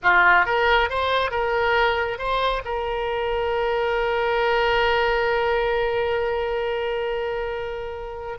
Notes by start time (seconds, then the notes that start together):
0.02 F4
0.45 A#4
0.89 C5
1.31 A#4
2.18 C5
2.65 A#4